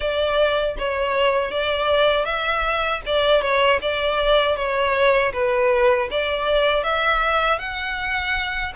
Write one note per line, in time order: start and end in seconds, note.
0.00 0.76 D5
0.78 1.51 C#5
1.51 2.25 D5
2.25 3.01 E5
3.06 3.41 D5
3.41 3.79 C#5
3.81 4.56 D5
4.56 5.32 C#5
5.33 6.09 B4
6.10 6.83 D5
6.83 7.58 E5
7.58 8.72 F#5